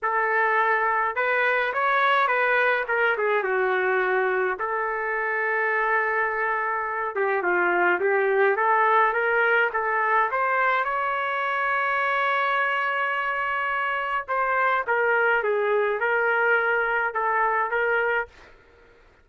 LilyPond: \new Staff \with { instrumentName = "trumpet" } { \time 4/4 \tempo 4 = 105 a'2 b'4 cis''4 | b'4 ais'8 gis'8 fis'2 | a'1~ | a'8 g'8 f'4 g'4 a'4 |
ais'4 a'4 c''4 cis''4~ | cis''1~ | cis''4 c''4 ais'4 gis'4 | ais'2 a'4 ais'4 | }